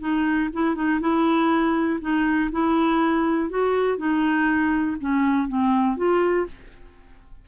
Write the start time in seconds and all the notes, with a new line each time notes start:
0.00 D#4
0.53 E4
0.75 D#4
1.01 E4
2.01 D#4
2.52 E4
3.50 F#4
3.97 D#4
5.00 C#4
5.48 C4
5.97 F4